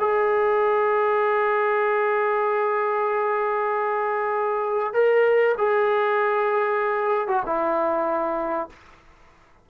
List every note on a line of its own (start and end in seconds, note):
0.00 4.94 G#4
4.94 5.56 A#4
5.58 7.28 G#4
7.28 7.43 F#4
7.46 8.70 E4